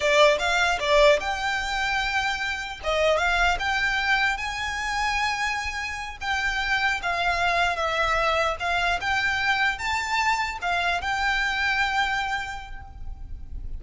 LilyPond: \new Staff \with { instrumentName = "violin" } { \time 4/4 \tempo 4 = 150 d''4 f''4 d''4 g''4~ | g''2. dis''4 | f''4 g''2 gis''4~ | gis''2.~ gis''8 g''8~ |
g''4. f''2 e''8~ | e''4. f''4 g''4.~ | g''8 a''2 f''4 g''8~ | g''1 | }